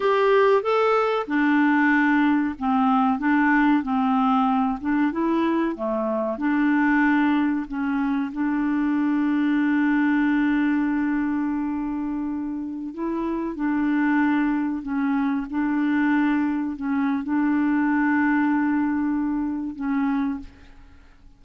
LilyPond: \new Staff \with { instrumentName = "clarinet" } { \time 4/4 \tempo 4 = 94 g'4 a'4 d'2 | c'4 d'4 c'4. d'8 | e'4 a4 d'2 | cis'4 d'2.~ |
d'1~ | d'16 e'4 d'2 cis'8.~ | cis'16 d'2 cis'8. d'4~ | d'2. cis'4 | }